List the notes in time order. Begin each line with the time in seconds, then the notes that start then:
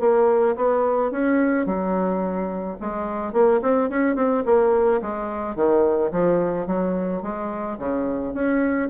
0.00 A#3
0.56 B3
1.11 C#4
1.66 F#3
2.81 G#3
3.33 A#3
3.62 C4
3.90 C#4
4.16 C4
4.45 A#3
5.02 G#3
5.56 D#3
6.12 F3
6.67 F#3
7.22 G#3
7.78 C#3
8.34 C#4